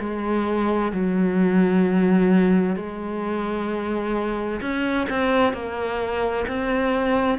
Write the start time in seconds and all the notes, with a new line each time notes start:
0.00 G#3
0.92 F#3
2.77 G#3
4.62 C#4
5.10 C4
5.54 A#3
6.48 C4